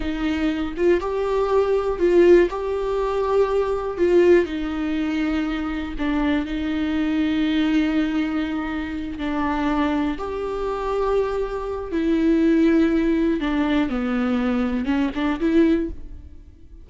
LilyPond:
\new Staff \with { instrumentName = "viola" } { \time 4/4 \tempo 4 = 121 dis'4. f'8 g'2 | f'4 g'2. | f'4 dis'2. | d'4 dis'2.~ |
dis'2~ dis'8 d'4.~ | d'8 g'2.~ g'8 | e'2. d'4 | b2 cis'8 d'8 e'4 | }